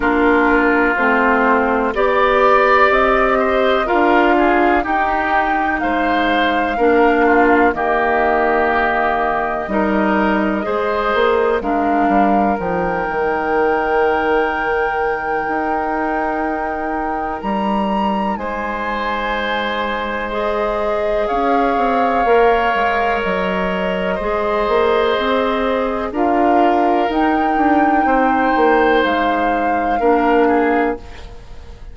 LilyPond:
<<
  \new Staff \with { instrumentName = "flute" } { \time 4/4 \tempo 4 = 62 ais'4 c''4 d''4 dis''4 | f''4 g''4 f''2 | dis''1 | f''4 g''2.~ |
g''2 ais''4 gis''4~ | gis''4 dis''4 f''2 | dis''2. f''4 | g''2 f''2 | }
  \new Staff \with { instrumentName = "oboe" } { \time 4/4 f'2 d''4. c''8 | ais'8 gis'8 g'4 c''4 ais'8 f'8 | g'2 ais'4 c''4 | ais'1~ |
ais'2. c''4~ | c''2 cis''2~ | cis''4 c''2 ais'4~ | ais'4 c''2 ais'8 gis'8 | }
  \new Staff \with { instrumentName = "clarinet" } { \time 4/4 d'4 c'4 g'2 | f'4 dis'2 d'4 | ais2 dis'4 gis'4 | d'4 dis'2.~ |
dis'1~ | dis'4 gis'2 ais'4~ | ais'4 gis'2 f'4 | dis'2. d'4 | }
  \new Staff \with { instrumentName = "bassoon" } { \time 4/4 ais4 a4 b4 c'4 | d'4 dis'4 gis4 ais4 | dis2 g4 gis8 ais8 | gis8 g8 f8 dis2~ dis8 |
dis'2 g4 gis4~ | gis2 cis'8 c'8 ais8 gis8 | fis4 gis8 ais8 c'4 d'4 | dis'8 d'8 c'8 ais8 gis4 ais4 | }
>>